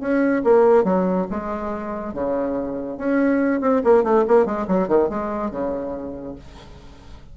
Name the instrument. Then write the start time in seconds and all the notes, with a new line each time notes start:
bassoon
0.00 C#4
0.44 A#3
0.84 F#3
1.30 G#3
2.13 C#3
2.97 C#4
3.60 C4
3.84 A#3
4.03 A3
4.27 A#3
4.45 G#3
4.67 F#3
4.88 D#3
5.09 G#3
5.50 C#3